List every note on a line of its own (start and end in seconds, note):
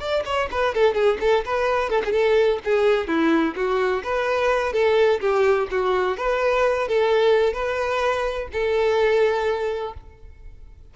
0.00 0.24 D5
0.26 0.49 C#5
0.51 0.75 B4
0.75 0.95 A4
0.95 1.18 G#4
1.21 1.45 A4
1.46 1.90 B4
1.90 2.02 A4
2.05 2.12 G#4
2.12 2.59 A4
2.65 3.08 G#4
3.08 3.55 E4
3.56 4.03 F#4
4.04 4.73 B4
4.73 5.20 A4
5.21 5.68 G4
5.71 6.17 F#4
6.17 6.88 B4
6.88 7.54 A4
7.54 8.48 B4
8.53 9.94 A4